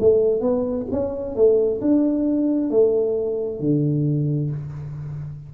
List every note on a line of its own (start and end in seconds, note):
0.00 0.41 A3
0.41 0.86 B3
0.91 1.35 C#4
1.35 1.81 A3
1.81 2.70 D4
2.70 3.60 A3
3.60 4.51 D3